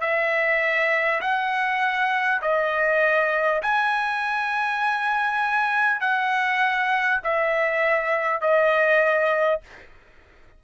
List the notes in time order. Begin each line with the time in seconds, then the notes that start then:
0.00 E5
1.21 F#5
2.41 D#5
3.62 G#5
6.00 F#5
7.23 E5
8.41 D#5